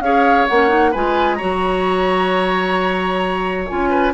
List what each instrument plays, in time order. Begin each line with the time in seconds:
0.00 bassoon C#4, clarinet G#4, oboe C#5, flute F5
0.47 bassoon A#3, clarinet C#4, flute F#5
0.68 clarinet D#4
0.91 bassoon G#3, clarinet F4, oboe B4, flute G#5
1.35 clarinet F#4, oboe C#5, flute A#5
1.42 bassoon F#3
3.68 bassoon C#4, clarinet F4, flute G#5
3.90 oboe B4